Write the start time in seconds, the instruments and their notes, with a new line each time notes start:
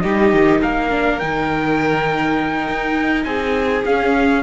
0.00 cello G3, viola D#4, violin G4, trumpet D#5
0.33 cello D#3
0.61 cello A#3, violin A#4, trumpet F5
0.90 viola D4
1.19 cello D#3, viola D#4, trumpet G5
2.68 cello D#4
3.24 cello C4, violin G#4, trumpet G#5
3.86 cello C#4, viola C#4, trumpet F5